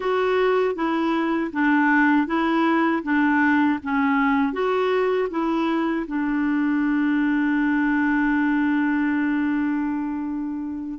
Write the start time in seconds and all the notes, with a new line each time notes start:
0.00 F#4
0.75 E4
1.52 D4
2.26 E4
3.03 D4
3.83 C#4
4.52 F#4
5.30 E4
6.07 D4